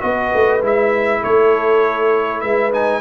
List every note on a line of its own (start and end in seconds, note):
0.00 0.33 B3
0.00 0.60 F#4
0.00 1.21 B4
0.00 0.61 D#5
0.34 0.62 A3
0.61 1.22 G#3
0.61 2.71 E4
0.61 1.24 E5
1.21 2.43 A3
1.21 2.41 A4
1.21 2.40 C#5
2.40 3.01 G#3
2.40 3.01 B4
2.40 2.70 E5
2.71 3.01 D#4
2.71 3.01 G#5